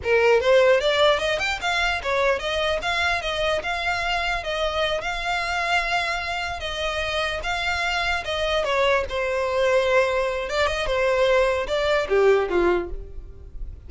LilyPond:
\new Staff \with { instrumentName = "violin" } { \time 4/4 \tempo 4 = 149 ais'4 c''4 d''4 dis''8 g''8 | f''4 cis''4 dis''4 f''4 | dis''4 f''2 dis''4~ | dis''8 f''2.~ f''8~ |
f''8 dis''2 f''4.~ | f''8 dis''4 cis''4 c''4.~ | c''2 d''8 dis''8 c''4~ | c''4 d''4 g'4 f'4 | }